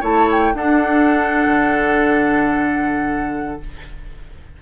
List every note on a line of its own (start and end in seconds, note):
0.00 0.54 A3
0.00 0.54 E4
0.00 0.53 C#5
0.00 0.31 A5
0.31 0.57 G5
0.54 1.46 D4
0.54 3.60 D4
0.54 3.62 A4
0.54 3.62 F#5
1.46 3.59 D3